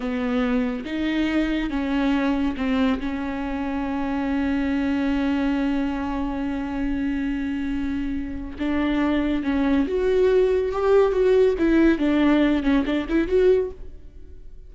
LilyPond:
\new Staff \with { instrumentName = "viola" } { \time 4/4 \tempo 4 = 140 b2 dis'2 | cis'2 c'4 cis'4~ | cis'1~ | cis'1~ |
cis'1 | d'2 cis'4 fis'4~ | fis'4 g'4 fis'4 e'4 | d'4. cis'8 d'8 e'8 fis'4 | }